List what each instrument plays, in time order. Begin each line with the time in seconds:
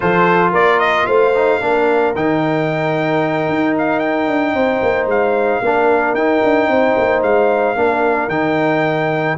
0.00 tuba F3, trombone F4, horn A4, trumpet C5
0.50 tuba A#3, horn A#4, trumpet D5
0.79 trumpet D#5
1.06 tuba A3, horn C5, trumpet F5
1.35 trombone D#4
1.61 tuba A#3, trombone D4, horn A#4
2.15 tuba D#3, trombone D#4, trumpet G5
3.48 tuba D#4
3.78 trumpet F5
3.99 trumpet G5
4.27 tuba D4
4.53 tuba C4, horn C5
4.81 tuba A#3
5.06 tuba G#3, trumpet F5
5.61 tuba A#3, trombone D4, horn A#4
6.13 tuba D#4, trombone D#4, trumpet G5
6.43 tuba D4
6.68 tuba C4, horn C5
6.97 tuba A#3
7.22 tuba G#3, trumpet F5
7.75 tuba A#3, trombone D4, horn A#4
8.28 tuba D#3, trombone D#4, trumpet G5